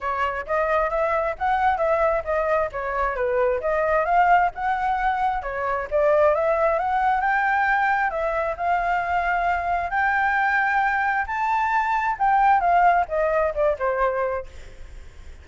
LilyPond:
\new Staff \with { instrumentName = "flute" } { \time 4/4 \tempo 4 = 133 cis''4 dis''4 e''4 fis''4 | e''4 dis''4 cis''4 b'4 | dis''4 f''4 fis''2 | cis''4 d''4 e''4 fis''4 |
g''2 e''4 f''4~ | f''2 g''2~ | g''4 a''2 g''4 | f''4 dis''4 d''8 c''4. | }